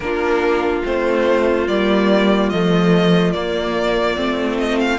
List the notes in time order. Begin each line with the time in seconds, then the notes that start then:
0.00 A#3 D4 F4 A#4
0.84 A3 C4 C5
1.67 G3 A#3 D5
2.49 F3 A3 D#5
3.32 A#3 D5
4.16 A3 C4
4.58 D#5
4.79 F5